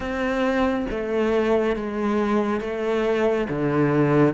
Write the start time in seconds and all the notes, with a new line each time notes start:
0.00 C4
0.90 A3
1.76 G#3
2.60 A3
3.49 D3